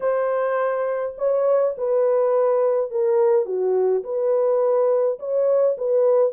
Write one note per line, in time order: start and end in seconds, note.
0.00 1.15 C5
1.18 1.75 C#5
1.77 2.90 B4
2.90 3.45 A#4
3.45 4.03 F#4
4.03 5.18 B4
5.19 5.76 C#5
5.77 6.32 B4